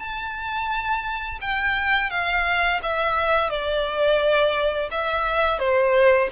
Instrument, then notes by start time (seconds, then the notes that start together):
violin
0.00 A5
1.41 G5
2.11 F5
2.83 E5
3.50 D5
4.91 E5
5.59 C5